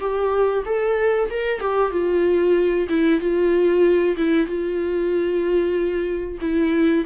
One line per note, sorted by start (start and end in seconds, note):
0.00 0.64 G4
0.65 1.29 A4
1.30 1.60 A#4
1.60 1.91 G4
1.91 2.87 F4
2.89 3.20 E4
3.20 4.16 F4
4.17 4.47 E4
4.47 6.38 F4
6.41 7.05 E4